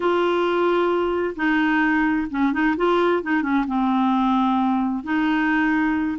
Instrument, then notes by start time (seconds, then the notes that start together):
clarinet
0.00 F4
1.36 D#4
2.30 C#4
2.52 D#4
2.76 F4
3.22 D#4
3.42 C#4
3.67 C4
5.03 D#4